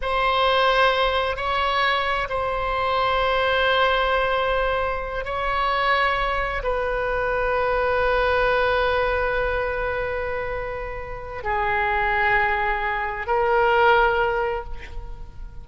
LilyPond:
\new Staff \with { instrumentName = "oboe" } { \time 4/4 \tempo 4 = 131 c''2. cis''4~ | cis''4 c''2.~ | c''2.~ c''8 cis''8~ | cis''2~ cis''8 b'4.~ |
b'1~ | b'1~ | b'4 gis'2.~ | gis'4 ais'2. | }